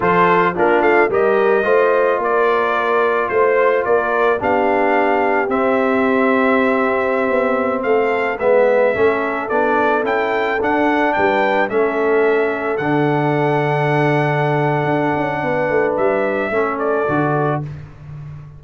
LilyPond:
<<
  \new Staff \with { instrumentName = "trumpet" } { \time 4/4 \tempo 4 = 109 c''4 ais'8 f''8 dis''2 | d''2 c''4 d''4 | f''2 e''2~ | e''2~ e''16 f''4 e''8.~ |
e''4~ e''16 d''4 g''4 fis''8.~ | fis''16 g''4 e''2 fis''8.~ | fis''1~ | fis''4 e''4. d''4. | }
  \new Staff \with { instrumentName = "horn" } { \time 4/4 a'4 f'4 ais'4 c''4 | ais'2 c''4 ais'4 | g'1~ | g'2~ g'16 a'4 b'8.~ |
b'16 a'2.~ a'8.~ | a'16 b'4 a'2~ a'8.~ | a'1 | b'2 a'2 | }
  \new Staff \with { instrumentName = "trombone" } { \time 4/4 f'4 d'4 g'4 f'4~ | f'1 | d'2 c'2~ | c'2.~ c'16 b8.~ |
b16 cis'4 d'4 e'4 d'8.~ | d'4~ d'16 cis'2 d'8.~ | d'1~ | d'2 cis'4 fis'4 | }
  \new Staff \with { instrumentName = "tuba" } { \time 4/4 f4 ais8 a8 g4 a4 | ais2 a4 ais4 | b2 c'2~ | c'4~ c'16 b4 a4 gis8.~ |
gis16 a4 b4 cis'4 d'8.~ | d'16 g4 a2 d8.~ | d2. d'8 cis'8 | b8 a8 g4 a4 d4 | }
>>